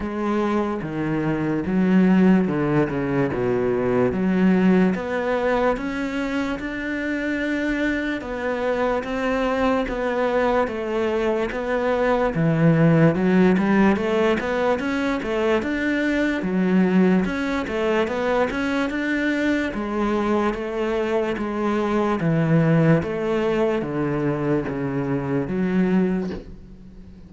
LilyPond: \new Staff \with { instrumentName = "cello" } { \time 4/4 \tempo 4 = 73 gis4 dis4 fis4 d8 cis8 | b,4 fis4 b4 cis'4 | d'2 b4 c'4 | b4 a4 b4 e4 |
fis8 g8 a8 b8 cis'8 a8 d'4 | fis4 cis'8 a8 b8 cis'8 d'4 | gis4 a4 gis4 e4 | a4 d4 cis4 fis4 | }